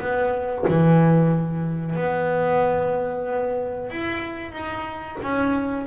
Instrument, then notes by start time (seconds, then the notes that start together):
double bass
0.00 B3
0.68 E3
1.96 B3
3.90 E4
4.52 D#4
5.23 C#4